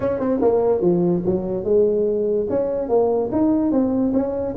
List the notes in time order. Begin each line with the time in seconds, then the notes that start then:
0.00 C#4
0.19 C4
0.41 A#3
0.81 F3
1.25 F#3
1.64 G#3
2.49 C#4
2.88 A#3
3.32 D#4
3.71 C4
4.13 C#4